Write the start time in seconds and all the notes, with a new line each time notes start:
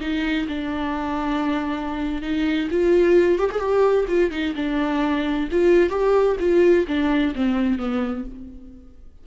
0.00 D#4
0.48 D4
2.22 D#4
2.71 F4
3.38 G4
3.51 G#4
3.59 G4
4.08 F4
4.30 D#4
4.55 D4
5.51 F4
5.89 G4
6.39 F4
6.87 D4
7.35 C4
7.78 B3